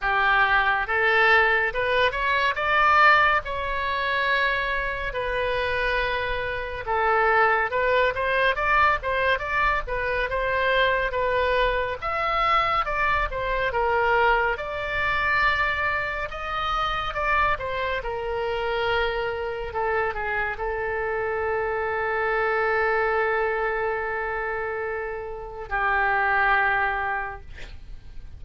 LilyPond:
\new Staff \with { instrumentName = "oboe" } { \time 4/4 \tempo 4 = 70 g'4 a'4 b'8 cis''8 d''4 | cis''2 b'2 | a'4 b'8 c''8 d''8 c''8 d''8 b'8 | c''4 b'4 e''4 d''8 c''8 |
ais'4 d''2 dis''4 | d''8 c''8 ais'2 a'8 gis'8 | a'1~ | a'2 g'2 | }